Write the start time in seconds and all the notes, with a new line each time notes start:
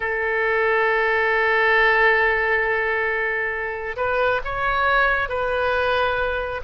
0.00 A4
3.96 B4
4.44 C#5
5.29 B4